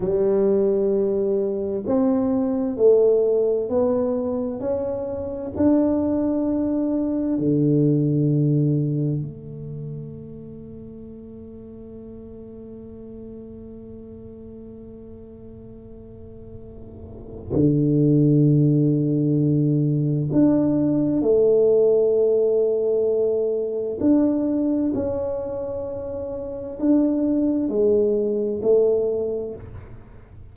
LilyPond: \new Staff \with { instrumentName = "tuba" } { \time 4/4 \tempo 4 = 65 g2 c'4 a4 | b4 cis'4 d'2 | d2 a2~ | a1~ |
a2. d4~ | d2 d'4 a4~ | a2 d'4 cis'4~ | cis'4 d'4 gis4 a4 | }